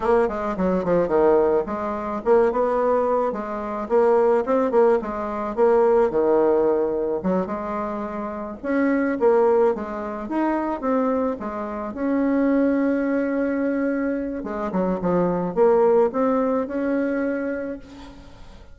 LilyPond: \new Staff \with { instrumentName = "bassoon" } { \time 4/4 \tempo 4 = 108 ais8 gis8 fis8 f8 dis4 gis4 | ais8 b4. gis4 ais4 | c'8 ais8 gis4 ais4 dis4~ | dis4 fis8 gis2 cis'8~ |
cis'8 ais4 gis4 dis'4 c'8~ | c'8 gis4 cis'2~ cis'8~ | cis'2 gis8 fis8 f4 | ais4 c'4 cis'2 | }